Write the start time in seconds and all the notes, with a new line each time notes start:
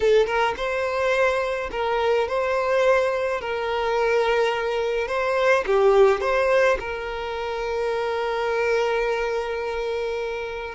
0.00 A4
0.26 A#4
0.56 C5
1.71 A#4
2.28 C5
3.40 A#4
5.07 C5
5.66 G4
6.20 C5
6.79 A#4